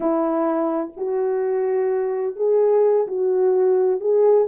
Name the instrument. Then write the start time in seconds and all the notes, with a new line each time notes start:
horn
0.00 E4
0.96 F#4
2.35 G#4
3.07 F#4
4.00 G#4